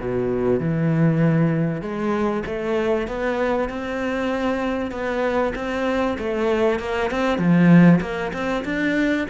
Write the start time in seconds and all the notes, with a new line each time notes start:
0.00 B2
0.60 E3
1.82 G#3
2.46 A3
3.08 B3
3.69 C4
4.91 B3
5.56 C4
6.19 A3
6.80 A#3
7.11 C4
7.38 F3
8.01 A#3
8.33 C4
8.65 D4